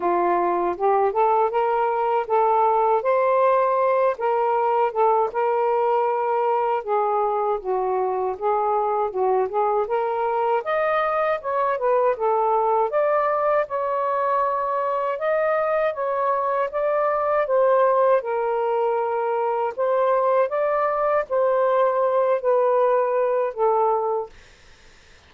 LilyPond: \new Staff \with { instrumentName = "saxophone" } { \time 4/4 \tempo 4 = 79 f'4 g'8 a'8 ais'4 a'4 | c''4. ais'4 a'8 ais'4~ | ais'4 gis'4 fis'4 gis'4 | fis'8 gis'8 ais'4 dis''4 cis''8 b'8 |
a'4 d''4 cis''2 | dis''4 cis''4 d''4 c''4 | ais'2 c''4 d''4 | c''4. b'4. a'4 | }